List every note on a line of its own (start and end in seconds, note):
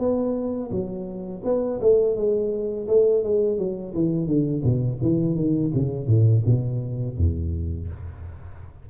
0.00 0.71 B3
0.71 1.43 F#3
1.45 1.81 B3
1.81 2.16 A3
2.16 2.88 G#3
2.88 3.24 A3
3.24 3.58 G#3
3.58 3.94 F#3
3.94 4.27 E3
4.27 4.63 D3
4.64 5.00 B2
5.02 5.36 E3
5.36 5.71 D#3
5.75 6.07 C#3
6.07 6.43 A2
6.46 7.18 B2
7.18 7.89 E2